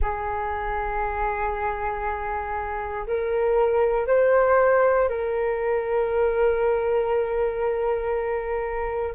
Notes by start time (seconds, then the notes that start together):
0.01 G#4
3.06 A#4
4.07 C5
5.08 A#4